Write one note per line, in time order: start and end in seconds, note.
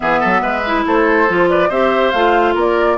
0.00 0.22 E3
0.00 0.62 B3
0.00 0.20 G#4
0.00 0.85 E5
0.20 0.42 F#3
0.20 0.41 A4
0.41 0.84 G#3
0.41 0.84 B4
0.66 1.28 E4
0.86 1.28 A3
0.86 1.50 A4
0.86 1.49 C5
1.28 1.70 F3
1.28 1.70 F4
1.49 1.69 B4
1.49 1.70 D5
1.69 2.12 C4
1.69 2.13 G4
1.69 2.54 C5
1.69 2.11 E5
2.11 2.55 A3
2.11 2.98 F4
2.11 2.54 F5
2.54 2.97 A#3
2.54 2.96 A#4
2.54 2.98 D5